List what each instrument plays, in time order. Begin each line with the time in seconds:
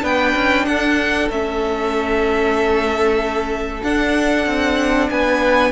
0.00 cello B3, viola D4, violin B4 G5
0.35 cello C#4
0.65 cello D4, violin A4 F#5
1.29 cello A3, viola C#4, violin E5
3.83 cello D4, viola D4, violin F#5
4.46 cello C4
5.10 cello B3, violin B4 G#5